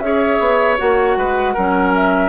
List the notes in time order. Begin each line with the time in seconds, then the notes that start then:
0.00 C#4 G#4 C#5 E5
0.40 B3
0.78 A#3 F#4 F#5
1.17 G#3 B4
1.54 F#3 C#4 A#4
1.96 E5